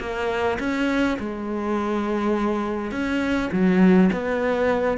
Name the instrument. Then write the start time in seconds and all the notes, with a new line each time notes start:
cello
0.00 A#3
0.60 C#4
1.20 G#3
2.92 C#4
3.52 F#3
4.13 B3